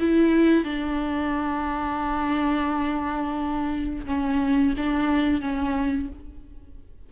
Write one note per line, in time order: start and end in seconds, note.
0.00 0.64 E4
0.64 4.05 D4
4.06 4.74 C#4
4.77 5.41 D4
5.41 6.09 C#4